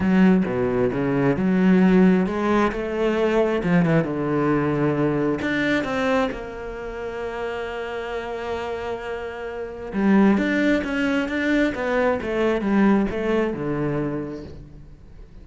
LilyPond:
\new Staff \with { instrumentName = "cello" } { \time 4/4 \tempo 4 = 133 fis4 b,4 cis4 fis4~ | fis4 gis4 a2 | f8 e8 d2. | d'4 c'4 ais2~ |
ais1~ | ais2 g4 d'4 | cis'4 d'4 b4 a4 | g4 a4 d2 | }